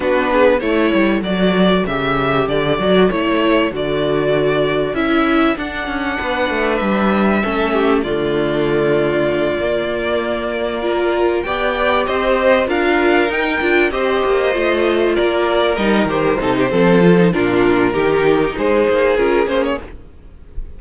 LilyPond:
<<
  \new Staff \with { instrumentName = "violin" } { \time 4/4 \tempo 4 = 97 b'4 cis''4 d''4 e''4 | d''4 cis''4 d''2 | e''4 fis''2 e''4~ | e''4 d''2.~ |
d''2~ d''8 g''4 dis''8~ | dis''8 f''4 g''4 dis''4.~ | dis''8 d''4 dis''8 c''2 | ais'2 c''4 ais'8 c''16 cis''16 | }
  \new Staff \with { instrumentName = "violin" } { \time 4/4 fis'8 gis'8 a'2.~ | a'1~ | a'2 b'2 | a'8 g'8 f'2.~ |
f'4. ais'4 d''4 c''8~ | c''8 ais'2 c''4.~ | c''8 ais'2 a'16 g'16 a'4 | f'4 g'4 gis'2 | }
  \new Staff \with { instrumentName = "viola" } { \time 4/4 d'4 e'4 fis'4 g'4~ | g'8 fis'8 e'4 fis'2 | e'4 d'2. | cis'4 a2~ a8 ais8~ |
ais4. f'4 g'4.~ | g'8 f'4 dis'8 f'8 g'4 f'8~ | f'4. dis'8 g'8 dis'8 c'8 f'16 dis'16 | d'4 dis'2 f'8 cis'8 | }
  \new Staff \with { instrumentName = "cello" } { \time 4/4 b4 a8 g8 fis4 cis4 | d8 fis8 a4 d2 | cis'4 d'8 cis'8 b8 a8 g4 | a4 d2~ d8 ais8~ |
ais2~ ais8 b4 c'8~ | c'8 d'4 dis'8 d'8 c'8 ais8 a8~ | a8 ais4 g8 dis8 c8 f4 | ais,4 dis4 gis8 ais8 cis'8 ais8 | }
>>